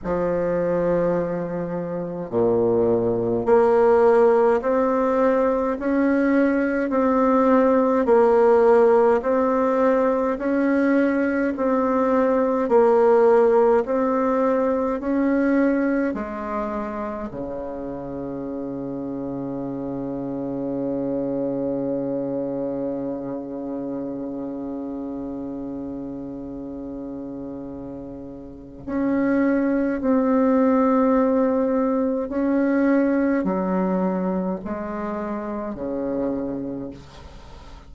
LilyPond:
\new Staff \with { instrumentName = "bassoon" } { \time 4/4 \tempo 4 = 52 f2 ais,4 ais4 | c'4 cis'4 c'4 ais4 | c'4 cis'4 c'4 ais4 | c'4 cis'4 gis4 cis4~ |
cis1~ | cis1~ | cis4 cis'4 c'2 | cis'4 fis4 gis4 cis4 | }